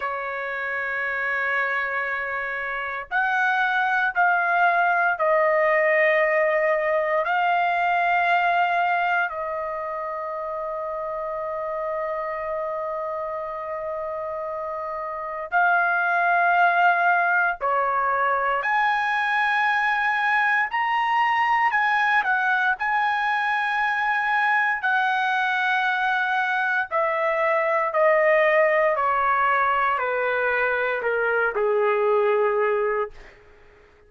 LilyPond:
\new Staff \with { instrumentName = "trumpet" } { \time 4/4 \tempo 4 = 58 cis''2. fis''4 | f''4 dis''2 f''4~ | f''4 dis''2.~ | dis''2. f''4~ |
f''4 cis''4 gis''2 | ais''4 gis''8 fis''8 gis''2 | fis''2 e''4 dis''4 | cis''4 b'4 ais'8 gis'4. | }